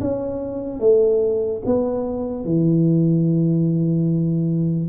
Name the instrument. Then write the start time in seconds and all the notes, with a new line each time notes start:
tuba
0.00 C#4
0.80 A3
1.65 B3
2.44 E3